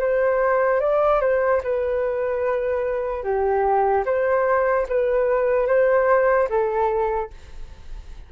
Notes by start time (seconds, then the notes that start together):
0.00 C5
0.81 D5
1.21 C5
1.64 B4
3.24 G4
4.06 C5
4.89 B4
5.68 C5
6.50 A4